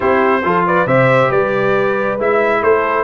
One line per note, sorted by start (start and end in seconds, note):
0.00 0.44 C4
0.00 0.42 E4
0.00 0.43 G4
0.00 0.66 C5
0.43 0.86 F3
0.43 0.87 F4
0.43 0.66 A4
0.66 0.86 B4
0.66 0.87 D5
0.86 1.30 C3
0.86 2.19 G4
0.86 1.29 C5
0.86 1.31 E5
1.29 2.18 G3
1.29 2.60 B4
1.29 2.19 D5
2.18 2.62 G#3
2.18 3.04 E4
2.18 2.63 E5
2.62 3.04 A3
2.62 3.04 A4
2.62 3.04 C5